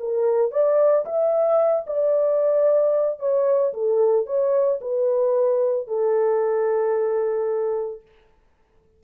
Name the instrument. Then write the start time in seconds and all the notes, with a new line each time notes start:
horn
0.00 A#4
0.52 D5
1.06 E5
1.87 D5
3.20 C#5
3.74 A4
4.27 C#5
4.81 B4
5.88 A4